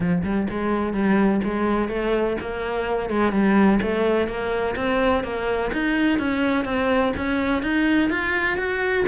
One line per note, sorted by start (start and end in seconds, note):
0.00 0.22 F3
0.23 0.47 G3
0.50 0.93 G#3
0.93 1.40 G3
1.44 1.89 G#3
1.89 2.36 A3
2.40 3.09 A#3
3.09 3.32 G#3
3.32 3.79 G3
3.82 4.27 A3
4.27 4.75 A#3
4.76 5.23 C4
5.23 5.71 A#3
5.72 6.18 D#4
6.18 6.65 C#4
6.65 7.12 C4
7.16 7.62 C#4
7.62 8.10 D#4
8.10 8.57 F4
8.57 9.05 F#4